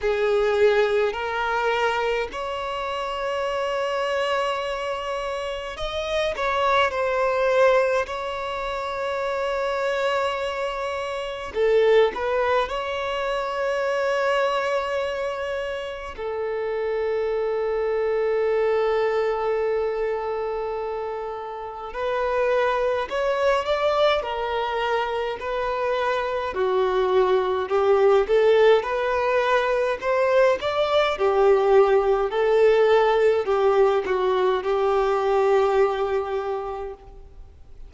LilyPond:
\new Staff \with { instrumentName = "violin" } { \time 4/4 \tempo 4 = 52 gis'4 ais'4 cis''2~ | cis''4 dis''8 cis''8 c''4 cis''4~ | cis''2 a'8 b'8 cis''4~ | cis''2 a'2~ |
a'2. b'4 | cis''8 d''8 ais'4 b'4 fis'4 | g'8 a'8 b'4 c''8 d''8 g'4 | a'4 g'8 fis'8 g'2 | }